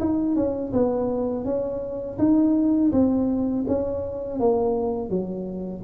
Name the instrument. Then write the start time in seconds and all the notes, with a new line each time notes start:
tuba
0.00 D#4
0.36 C#4
0.73 B3
1.45 C#4
2.19 D#4
2.92 C4
3.68 C#4
4.40 A#3
5.10 F#3